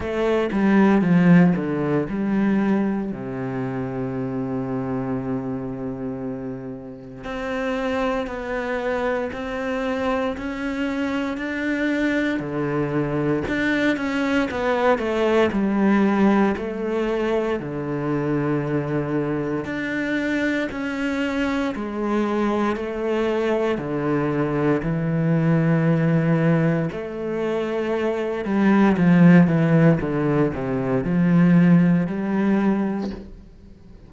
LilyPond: \new Staff \with { instrumentName = "cello" } { \time 4/4 \tempo 4 = 58 a8 g8 f8 d8 g4 c4~ | c2. c'4 | b4 c'4 cis'4 d'4 | d4 d'8 cis'8 b8 a8 g4 |
a4 d2 d'4 | cis'4 gis4 a4 d4 | e2 a4. g8 | f8 e8 d8 c8 f4 g4 | }